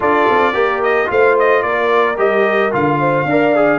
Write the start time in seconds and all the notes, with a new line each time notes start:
0.00 D4 F4 A4 D5
0.30 C4
0.53 A#3 G4 A#4
0.82 D#5
1.06 A3 F4 C5 F5
1.39 D#5
1.62 A#3 A#4 D5
2.17 G3 G4 D#5
2.71 D3 F4 F5
2.99 C5
3.25 D4 A#4 D5
3.55 G#4